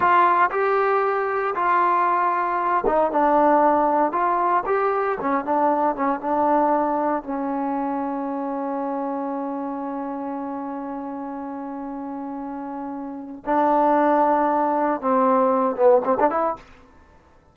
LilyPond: \new Staff \with { instrumentName = "trombone" } { \time 4/4 \tempo 4 = 116 f'4 g'2 f'4~ | f'4. dis'8 d'2 | f'4 g'4 cis'8 d'4 cis'8 | d'2 cis'2~ |
cis'1~ | cis'1~ | cis'2 d'2~ | d'4 c'4. b8 c'16 d'16 e'8 | }